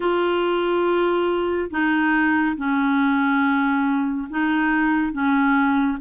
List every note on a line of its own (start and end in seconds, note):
0.00 1.69 F4
1.70 2.56 D#4
2.56 4.28 C#4
4.29 5.12 D#4
5.12 5.98 C#4